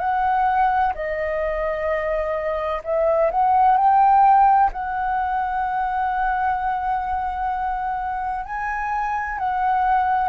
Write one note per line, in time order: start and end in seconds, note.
0.00 0.94 F#5
0.95 2.82 D#5
2.84 3.31 E5
3.32 3.78 F#5
3.78 4.71 G5
4.73 8.45 F#5
8.45 9.39 G#5
9.39 10.29 F#5